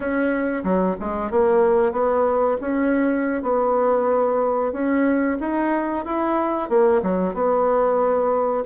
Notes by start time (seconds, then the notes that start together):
0.00 C#4
0.63 F#3
1.00 G#3
1.30 A#3
1.92 B3
2.61 C#4
3.42 B3
4.72 C#4
5.40 D#4
6.05 E4
6.68 A#3
7.02 F#3
7.34 B3